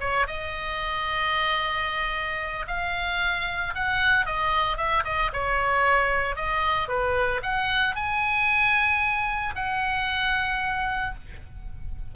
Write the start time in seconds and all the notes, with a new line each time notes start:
0.00 C#5
0.27 D#5
2.67 F5
3.75 F#5
4.26 D#5
4.77 E5
5.04 D#5
5.33 C#5
6.36 D#5
6.88 B4
7.43 F#5
7.95 G#5
9.55 F#5